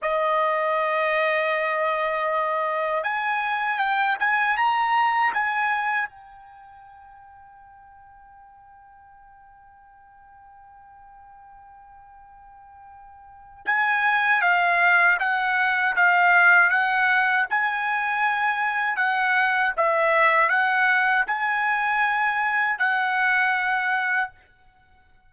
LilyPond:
\new Staff \with { instrumentName = "trumpet" } { \time 4/4 \tempo 4 = 79 dis''1 | gis''4 g''8 gis''8 ais''4 gis''4 | g''1~ | g''1~ |
g''2 gis''4 f''4 | fis''4 f''4 fis''4 gis''4~ | gis''4 fis''4 e''4 fis''4 | gis''2 fis''2 | }